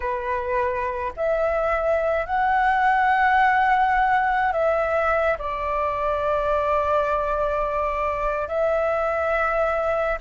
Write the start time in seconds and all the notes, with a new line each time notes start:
0.00 B4
1.16 E5
2.25 F#5
4.52 E5
5.38 D5
8.48 E5